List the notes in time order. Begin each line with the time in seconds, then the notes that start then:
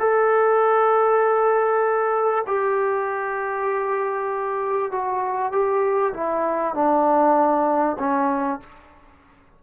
0.00 A4
2.47 G4
4.92 F#4
5.52 G4
6.14 E4
6.75 D4
7.99 C#4